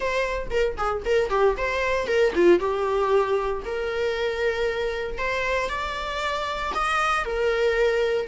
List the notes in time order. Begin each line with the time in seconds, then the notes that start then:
0.00 C5
0.50 A#4
0.77 G#4
1.05 A#4
1.29 G4
1.57 C5
2.07 A#4
2.35 F4
2.59 G4
3.65 A#4
5.17 C5
5.69 D5
6.74 D#5
7.25 A#4